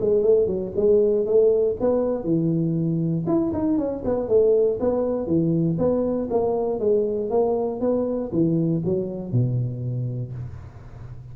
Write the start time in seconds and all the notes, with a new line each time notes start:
0.00 G#3
0.22 A3
0.47 F#3
0.76 G#3
1.25 A3
1.80 B3
2.24 E3
3.27 E4
3.53 D#4
3.78 C#4
4.05 B3
4.28 A3
4.80 B3
5.27 E3
5.78 B3
6.30 A#3
6.79 G#3
7.30 A#3
7.80 B3
8.32 E3
8.85 F#3
9.32 B2